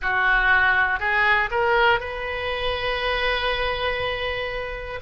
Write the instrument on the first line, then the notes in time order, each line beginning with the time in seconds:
oboe
0.02 F#4
0.99 G#4
1.50 A#4
2.00 B4